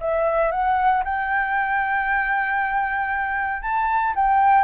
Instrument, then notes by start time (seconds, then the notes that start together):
flute
0.00 E5
0.51 F#5
1.04 G5
3.62 A5
4.15 G5